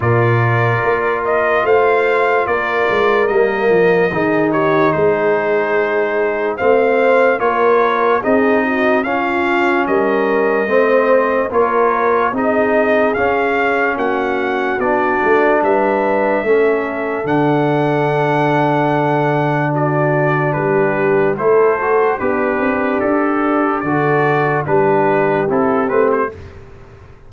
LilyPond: <<
  \new Staff \with { instrumentName = "trumpet" } { \time 4/4 \tempo 4 = 73 d''4. dis''8 f''4 d''4 | dis''4. cis''8 c''2 | f''4 cis''4 dis''4 f''4 | dis''2 cis''4 dis''4 |
f''4 fis''4 d''4 e''4~ | e''4 fis''2. | d''4 b'4 c''4 b'4 | a'4 d''4 b'4 a'8 b'16 c''16 | }
  \new Staff \with { instrumentName = "horn" } { \time 4/4 ais'2 c''4 ais'4~ | ais'4 gis'8 g'8 gis'2 | c''4 ais'4 gis'8 fis'8 f'4 | ais'4 c''4 ais'4 gis'4~ |
gis'4 fis'2 b'4 | a'1 | fis'4 g'4 a'4 d'4~ | d'4 a'4 g'2 | }
  \new Staff \with { instrumentName = "trombone" } { \time 4/4 f'1 | ais4 dis'2. | c'4 f'4 dis'4 cis'4~ | cis'4 c'4 f'4 dis'4 |
cis'2 d'2 | cis'4 d'2.~ | d'2 e'8 fis'8 g'4~ | g'4 fis'4 d'4 e'8 c'8 | }
  \new Staff \with { instrumentName = "tuba" } { \time 4/4 ais,4 ais4 a4 ais8 gis8 | g8 f8 dis4 gis2 | a4 ais4 c'4 cis'4 | g4 a4 ais4 c'4 |
cis'4 ais4 b8 a8 g4 | a4 d2.~ | d4 g4 a4 b8 c'8 | d'4 d4 g4 c'8 a8 | }
>>